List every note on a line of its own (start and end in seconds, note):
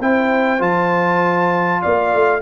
0.00 0.60 C4
0.00 0.59 E4
0.00 1.81 C5
0.00 0.62 G5
0.59 1.82 F3
0.59 2.40 F4
0.59 1.82 A5
1.81 2.14 A#3
1.81 2.42 D5
1.81 2.42 F5
2.14 2.42 A3